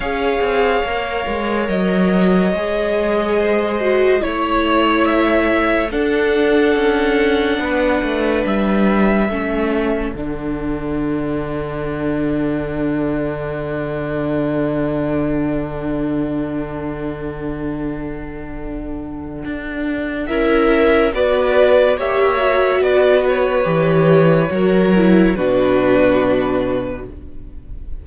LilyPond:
<<
  \new Staff \with { instrumentName = "violin" } { \time 4/4 \tempo 4 = 71 f''2 dis''2~ | dis''4 cis''4 e''4 fis''4~ | fis''2 e''2 | fis''1~ |
fis''1~ | fis''1 | e''4 d''4 e''4 d''8 cis''8~ | cis''2 b'2 | }
  \new Staff \with { instrumentName = "violin" } { \time 4/4 cis''1 | c''4 cis''2 a'4~ | a'4 b'2 a'4~ | a'1~ |
a'1~ | a'1 | ais'4 b'4 cis''4 b'4~ | b'4 ais'4 fis'2 | }
  \new Staff \with { instrumentName = "viola" } { \time 4/4 gis'4 ais'2 gis'4~ | gis'8 fis'8 e'2 d'4~ | d'2. cis'4 | d'1~ |
d'1~ | d'1 | e'4 fis'4 g'8 fis'4. | g'4 fis'8 e'8 d'2 | }
  \new Staff \with { instrumentName = "cello" } { \time 4/4 cis'8 c'8 ais8 gis8 fis4 gis4~ | gis4 a2 d'4 | cis'4 b8 a8 g4 a4 | d1~ |
d1~ | d2. d'4 | cis'4 b4 ais4 b4 | e4 fis4 b,2 | }
>>